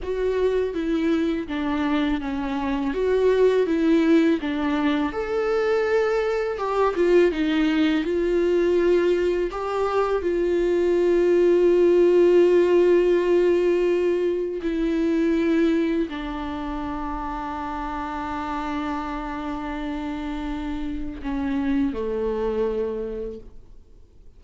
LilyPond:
\new Staff \with { instrumentName = "viola" } { \time 4/4 \tempo 4 = 82 fis'4 e'4 d'4 cis'4 | fis'4 e'4 d'4 a'4~ | a'4 g'8 f'8 dis'4 f'4~ | f'4 g'4 f'2~ |
f'1 | e'2 d'2~ | d'1~ | d'4 cis'4 a2 | }